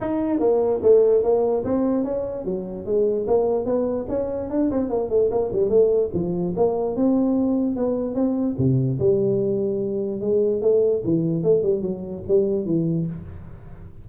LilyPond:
\new Staff \with { instrumentName = "tuba" } { \time 4/4 \tempo 4 = 147 dis'4 ais4 a4 ais4 | c'4 cis'4 fis4 gis4 | ais4 b4 cis'4 d'8 c'8 | ais8 a8 ais8 g8 a4 f4 |
ais4 c'2 b4 | c'4 c4 g2~ | g4 gis4 a4 e4 | a8 g8 fis4 g4 e4 | }